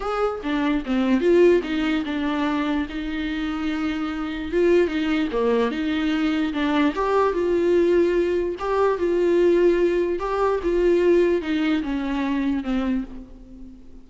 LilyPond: \new Staff \with { instrumentName = "viola" } { \time 4/4 \tempo 4 = 147 gis'4 d'4 c'4 f'4 | dis'4 d'2 dis'4~ | dis'2. f'4 | dis'4 ais4 dis'2 |
d'4 g'4 f'2~ | f'4 g'4 f'2~ | f'4 g'4 f'2 | dis'4 cis'2 c'4 | }